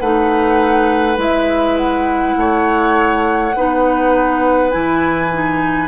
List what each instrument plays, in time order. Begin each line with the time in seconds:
0.00 bassoon A3, clarinet D#4, oboe B4, flute F#5
1.17 bassoon G#3, clarinet E4, flute E5
1.78 flute F#5
2.37 bassoon A3, oboe C#5
3.56 bassoon B3, clarinet D#4, oboe B4
4.72 bassoon E3, clarinet E4, flute G#5
5.32 clarinet D#4